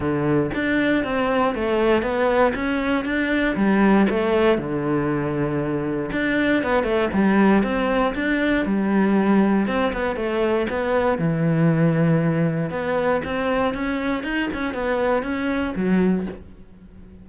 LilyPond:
\new Staff \with { instrumentName = "cello" } { \time 4/4 \tempo 4 = 118 d4 d'4 c'4 a4 | b4 cis'4 d'4 g4 | a4 d2. | d'4 b8 a8 g4 c'4 |
d'4 g2 c'8 b8 | a4 b4 e2~ | e4 b4 c'4 cis'4 | dis'8 cis'8 b4 cis'4 fis4 | }